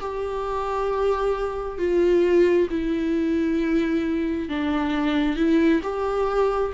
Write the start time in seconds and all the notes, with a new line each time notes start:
0.00 G4
1.77 F4
2.69 E4
4.49 D4
5.36 E4
5.82 G4